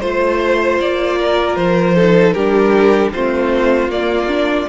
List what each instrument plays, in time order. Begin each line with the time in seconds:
0.00 cello A3, viola F4, violin C5
0.81 cello A#3, violin D5
1.19 violin A#4
1.56 cello F3, violin C5
1.96 viola D#4, violin A4
2.32 cello G3, viola D4, violin G4 A#4
3.13 cello A3, viola C4, violin F4 C5
3.88 cello A#3, viola A#3, violin D5
4.28 viola D4